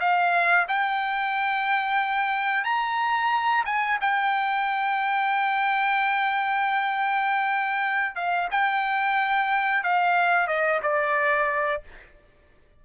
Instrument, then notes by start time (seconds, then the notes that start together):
trumpet
0.00 F5
0.68 G5
2.65 A#5
3.66 G#5
4.01 G5
8.15 F5
8.51 G5
9.84 F5
10.48 D#5
10.83 D5